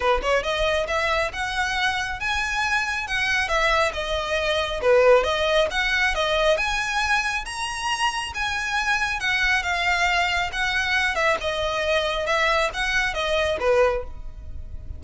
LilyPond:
\new Staff \with { instrumentName = "violin" } { \time 4/4 \tempo 4 = 137 b'8 cis''8 dis''4 e''4 fis''4~ | fis''4 gis''2 fis''4 | e''4 dis''2 b'4 | dis''4 fis''4 dis''4 gis''4~ |
gis''4 ais''2 gis''4~ | gis''4 fis''4 f''2 | fis''4. e''8 dis''2 | e''4 fis''4 dis''4 b'4 | }